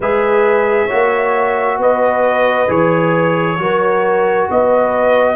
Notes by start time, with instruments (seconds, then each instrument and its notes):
0.00 tuba G#3, trombone G#4, horn B4, trumpet E5
0.87 tuba A#3, trombone F#4, horn C#5
1.77 tuba B3, horn B4, trumpet D#5
2.68 tuba E3, trombone G#4, trumpet C#5
3.58 tuba F#3, trombone F#4, horn A#4
4.50 tuba B3, horn B4, trumpet D#5